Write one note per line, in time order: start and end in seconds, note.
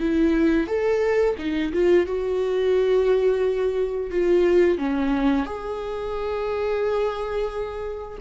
0.00 0.67 E4
0.67 1.35 A4
1.39 1.73 D#4
1.73 2.06 F4
2.06 4.11 F#4
4.11 4.78 F4
4.78 5.46 C#4
5.46 8.18 G#4